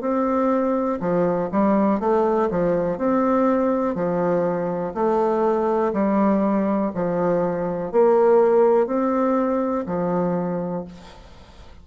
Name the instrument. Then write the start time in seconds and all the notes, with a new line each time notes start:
bassoon
0.00 C4
1.00 F3
1.52 G3
1.99 A3
2.50 F3
2.98 C4
3.95 F3
4.94 A3
5.93 G3
6.94 F3
7.92 A#3
8.87 C4
9.86 F3